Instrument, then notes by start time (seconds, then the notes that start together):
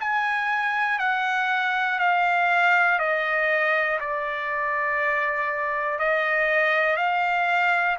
trumpet
0.00 G#5
0.99 F#5
1.99 F5
3.00 D#5
4.00 D5
5.99 D#5
6.97 F5